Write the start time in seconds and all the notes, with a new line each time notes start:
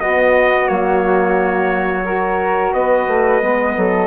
0.00 B3 F#4 D#5
0.65 F#3 A#3 C#5
2.05 F#4 A#4
2.73 B3 B4 D#5
3.08 A3
3.41 G#3 B3
3.76 F#3 A4